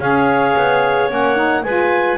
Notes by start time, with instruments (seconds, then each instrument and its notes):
0.00 double bass C#4, saxophone G#4, clarinet C#5 F5
0.56 double bass B3
1.10 double bass A#3, saxophone C#4, clarinet F#5
1.36 saxophone D#4
1.64 double bass G#3, saxophone F4, clarinet B4 G#5